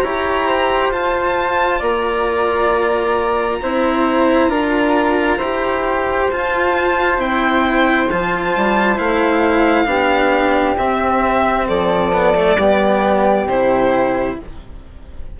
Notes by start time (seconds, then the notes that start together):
0.00 E4 G4 C#5 A#5
0.47 C5
0.88 F4 A5
1.79 A#3 D5 A#5
3.62 C4 E4 C5
4.47 D4 F4 A#4
5.37 E4 G4 C5
6.31 F4 A5
7.17 C4 E4 G5
8.10 F3 F4 A5
8.56 G3
8.96 A3 E4 F5
9.85 B3 D4 G4
10.77 C4 E5
11.68 F3 A4 D5
12.12 B3
12.35 A3
12.56 G3 B3 G4
13.47 C3 E4 C5